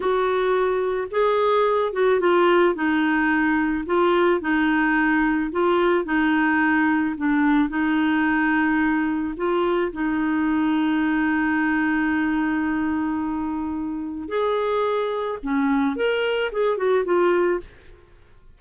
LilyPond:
\new Staff \with { instrumentName = "clarinet" } { \time 4/4 \tempo 4 = 109 fis'2 gis'4. fis'8 | f'4 dis'2 f'4 | dis'2 f'4 dis'4~ | dis'4 d'4 dis'2~ |
dis'4 f'4 dis'2~ | dis'1~ | dis'2 gis'2 | cis'4 ais'4 gis'8 fis'8 f'4 | }